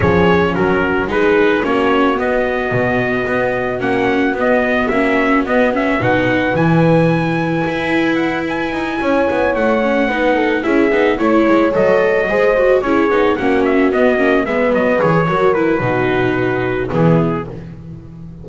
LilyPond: <<
  \new Staff \with { instrumentName = "trumpet" } { \time 4/4 \tempo 4 = 110 cis''4 ais'4 b'4 cis''4 | dis''2. fis''4 | dis''4 e''4 dis''8 e''8 fis''4 | gis''2. fis''8 gis''8~ |
gis''4. fis''2 e''8~ | e''8 cis''4 dis''2 cis''8~ | cis''8 fis''8 e''8 dis''4 e''8 dis''8 cis''8~ | cis''8 b'2~ b'8 gis'4 | }
  \new Staff \with { instrumentName = "horn" } { \time 4/4 gis'4 fis'4 gis'4 fis'4~ | fis'1~ | fis'2. b'4~ | b'1~ |
b'8 cis''2 b'8 a'8 gis'8~ | gis'8 cis''2 c''4 gis'8~ | gis'8 fis'2 b'4. | ais'4 fis'2 e'4 | }
  \new Staff \with { instrumentName = "viola" } { \time 4/4 cis'2 dis'4 cis'4 | b2. cis'4 | b4 cis'4 b8 cis'8 dis'4 | e'1~ |
e'2 cis'8 dis'4 e'8 | dis'8 e'4 a'4 gis'8 fis'8 e'8 | dis'8 cis'4 b8 cis'8 b4 gis'8 | fis'8 e'8 dis'2 b4 | }
  \new Staff \with { instrumentName = "double bass" } { \time 4/4 f4 fis4 gis4 ais4 | b4 b,4 b4 ais4 | b4 ais4 b4 b,4 | e2 e'2 |
dis'8 cis'8 b8 a4 b4 cis'8 | b8 a8 gis8 fis4 gis4 cis'8 | b8 ais4 b8 ais8 gis8 fis8 e8 | fis4 b,2 e4 | }
>>